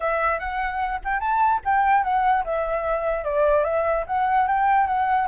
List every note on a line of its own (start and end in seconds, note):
0.00 0.39 E5
0.39 1.00 F#5
1.04 1.19 G5
1.19 1.60 A5
1.64 2.03 G5
2.03 2.44 F#5
2.44 3.24 E5
3.24 3.64 D5
3.64 4.04 E5
4.07 4.47 F#5
4.47 4.86 G5
4.86 5.27 F#5